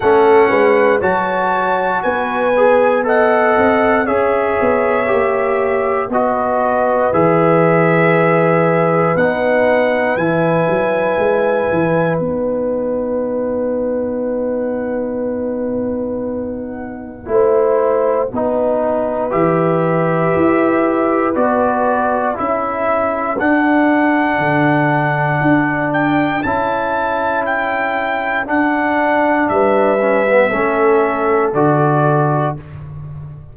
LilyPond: <<
  \new Staff \with { instrumentName = "trumpet" } { \time 4/4 \tempo 4 = 59 fis''4 a''4 gis''4 fis''4 | e''2 dis''4 e''4~ | e''4 fis''4 gis''2 | fis''1~ |
fis''2. e''4~ | e''4 d''4 e''4 fis''4~ | fis''4. g''8 a''4 g''4 | fis''4 e''2 d''4 | }
  \new Staff \with { instrumentName = "horn" } { \time 4/4 a'8 b'8 cis''4 b'4 dis''4 | cis''2 b'2~ | b'1~ | b'1~ |
b'4 c''4 b'2~ | b'2 a'2~ | a'1~ | a'4 b'4 a'2 | }
  \new Staff \with { instrumentName = "trombone" } { \time 4/4 cis'4 fis'4. gis'8 a'4 | gis'4 g'4 fis'4 gis'4~ | gis'4 dis'4 e'2 | dis'1~ |
dis'4 e'4 dis'4 g'4~ | g'4 fis'4 e'4 d'4~ | d'2 e'2 | d'4. cis'16 b16 cis'4 fis'4 | }
  \new Staff \with { instrumentName = "tuba" } { \time 4/4 a8 gis8 fis4 b4. c'8 | cis'8 b8 ais4 b4 e4~ | e4 b4 e8 fis8 gis8 e8 | b1~ |
b4 a4 b4 e4 | e'4 b4 cis'4 d'4 | d4 d'4 cis'2 | d'4 g4 a4 d4 | }
>>